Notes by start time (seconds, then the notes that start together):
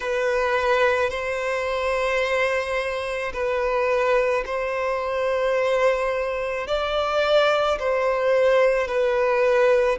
0.00 B4
1.10 C5
3.33 B4
4.45 C5
6.67 D5
7.79 C5
8.87 B4